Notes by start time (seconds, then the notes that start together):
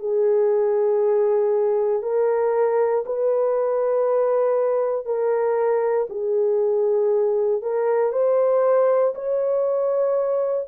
0.00 G#4
2.03 A#4
3.06 B4
5.06 A#4
6.10 G#4
7.63 A#4
8.13 C5
9.16 C#5